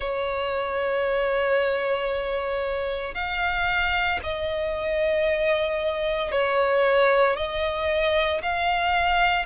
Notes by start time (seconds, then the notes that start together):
0.00 C#5
3.14 F5
4.23 D#5
6.32 C#5
7.36 D#5
8.42 F5